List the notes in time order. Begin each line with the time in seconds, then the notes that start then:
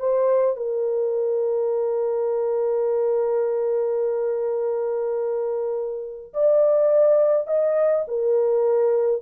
0.00 C5
0.57 A#4
6.34 D5
7.47 D#5
8.08 A#4